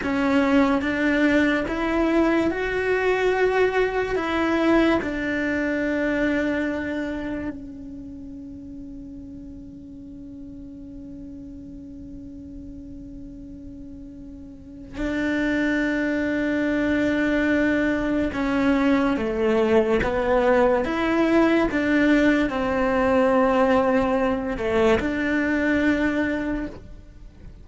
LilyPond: \new Staff \with { instrumentName = "cello" } { \time 4/4 \tempo 4 = 72 cis'4 d'4 e'4 fis'4~ | fis'4 e'4 d'2~ | d'4 cis'2.~ | cis'1~ |
cis'2 d'2~ | d'2 cis'4 a4 | b4 e'4 d'4 c'4~ | c'4. a8 d'2 | }